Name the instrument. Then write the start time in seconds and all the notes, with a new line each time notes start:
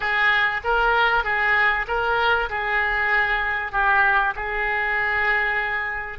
oboe
0.00 G#4
0.64 A#4
1.24 G#4
1.87 A#4
2.49 G#4
3.72 G4
4.35 G#4